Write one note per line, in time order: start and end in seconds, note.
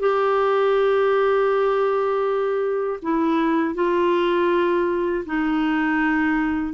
0.00 3.00 G4
3.02 3.75 E4
3.75 5.25 F4
5.26 6.74 D#4